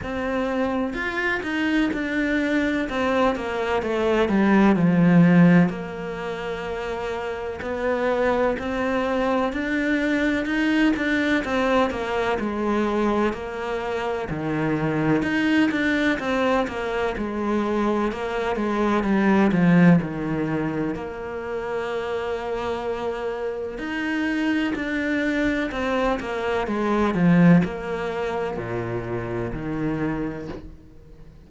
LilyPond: \new Staff \with { instrumentName = "cello" } { \time 4/4 \tempo 4 = 63 c'4 f'8 dis'8 d'4 c'8 ais8 | a8 g8 f4 ais2 | b4 c'4 d'4 dis'8 d'8 | c'8 ais8 gis4 ais4 dis4 |
dis'8 d'8 c'8 ais8 gis4 ais8 gis8 | g8 f8 dis4 ais2~ | ais4 dis'4 d'4 c'8 ais8 | gis8 f8 ais4 ais,4 dis4 | }